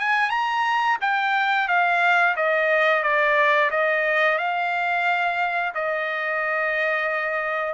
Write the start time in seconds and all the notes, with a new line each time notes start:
0.00 G#5
0.30 A#5
1.01 G5
1.68 F5
2.36 D#5
3.03 D5
3.71 D#5
4.38 F5
5.75 D#5